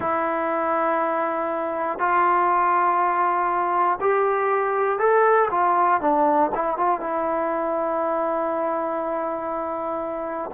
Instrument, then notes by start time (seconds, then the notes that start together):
trombone
0.00 E4
1.99 F4
4.00 G4
4.99 A4
5.50 F4
6.00 D4
6.55 E4
6.77 F4
7.00 E4